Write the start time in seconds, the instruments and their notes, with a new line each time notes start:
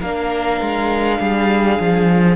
0.00 cello A#3, viola D4, violin A#4 F5
0.61 cello G#3
1.20 cello G3, violin G#4
1.80 cello F3